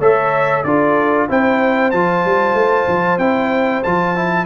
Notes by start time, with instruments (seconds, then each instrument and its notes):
0.00 tuba A3, trombone A4, horn C#5, trumpet E5
0.64 tuba D4, trombone F4, horn A4, trumpet D5
1.29 tuba C4, trombone E4, horn C5, trumpet G5
1.91 tuba F3, trombone F4, trumpet A5
2.25 tuba G3
2.54 tuba A3
2.88 tuba F3
3.18 tuba C4, trombone E4, trumpet G5
3.84 tuba F3, trombone F4, trumpet A5
4.16 trombone E4